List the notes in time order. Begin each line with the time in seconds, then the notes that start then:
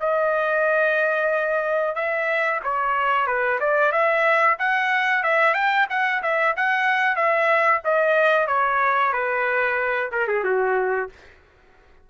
0.00 D#5
1.95 E5
2.64 C#5
3.27 B4
3.60 D5
3.92 E5
4.59 F#5
5.24 E5
5.54 G5
5.90 F#5
6.23 E5
6.57 F#5
7.16 E5
7.85 D#5
8.48 C#5
9.13 B4
10.12 A#4
10.28 G#4
10.44 F#4